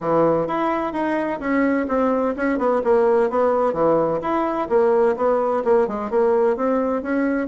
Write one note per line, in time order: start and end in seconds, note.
0.01 0.47 E3
0.47 0.92 E4
0.92 1.39 D#4
1.39 1.86 C#4
1.87 2.34 C4
2.36 2.58 C#4
2.58 2.81 B3
2.84 3.29 A#3
3.29 3.73 B3
3.73 4.20 E3
4.21 4.68 E4
4.69 5.16 A#3
5.16 5.63 B3
5.64 5.87 A#3
5.87 6.10 G#3
6.10 6.56 A#3
6.56 7.02 C4
7.02 7.47 C#4